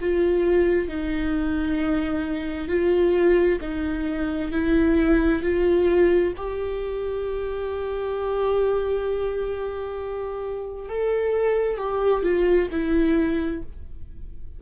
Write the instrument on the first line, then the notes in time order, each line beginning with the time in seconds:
viola
0.00 F4
0.88 D#4
2.68 F4
3.61 D#4
4.52 E4
5.42 F4
6.36 G4
10.89 A4
11.77 G4
12.23 F4
12.71 E4